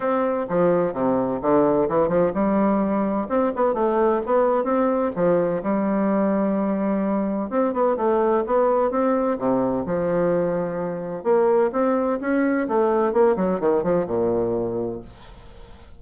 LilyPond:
\new Staff \with { instrumentName = "bassoon" } { \time 4/4 \tempo 4 = 128 c'4 f4 c4 d4 | e8 f8 g2 c'8 b8 | a4 b4 c'4 f4 | g1 |
c'8 b8 a4 b4 c'4 | c4 f2. | ais4 c'4 cis'4 a4 | ais8 fis8 dis8 f8 ais,2 | }